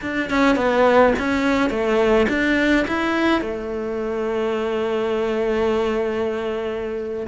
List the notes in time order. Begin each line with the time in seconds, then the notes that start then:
0.01 D4
0.30 C#4
0.56 B3
1.18 C#4
1.69 A3
2.29 D4
2.87 E4
3.41 A3